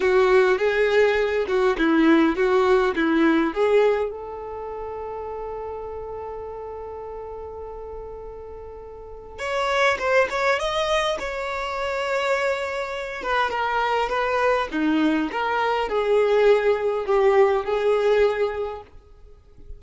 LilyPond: \new Staff \with { instrumentName = "violin" } { \time 4/4 \tempo 4 = 102 fis'4 gis'4. fis'8 e'4 | fis'4 e'4 gis'4 a'4~ | a'1~ | a'1 |
cis''4 c''8 cis''8 dis''4 cis''4~ | cis''2~ cis''8 b'8 ais'4 | b'4 dis'4 ais'4 gis'4~ | gis'4 g'4 gis'2 | }